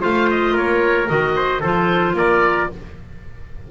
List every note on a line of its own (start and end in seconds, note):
0.00 0.55 A3
0.00 1.07 F4
0.00 0.53 C5
0.00 0.29 F5
0.30 0.57 D#5
0.53 1.08 A#3
0.53 1.33 A#4
0.53 1.09 C#5
1.08 1.63 D#3
1.08 1.61 F#4
1.08 1.62 D#5
1.35 1.60 C5
1.60 2.13 F3
1.60 2.71 F4
1.60 2.14 A4
1.60 2.16 C5
2.13 2.67 A#3
2.13 2.71 A#4
2.13 2.70 D5